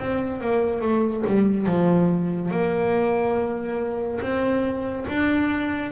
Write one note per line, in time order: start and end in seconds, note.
0.00 0.41 C4
0.41 0.82 A#3
0.82 1.24 A3
1.27 1.67 G3
1.67 2.52 F3
2.52 4.21 A#3
4.21 5.06 C4
5.09 5.92 D4